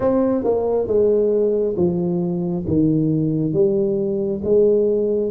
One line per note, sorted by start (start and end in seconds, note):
0.00 0.44 C4
0.44 0.87 A#3
0.87 1.75 G#3
1.76 2.64 F3
2.67 3.53 D#3
3.53 4.41 G3
4.44 5.31 G#3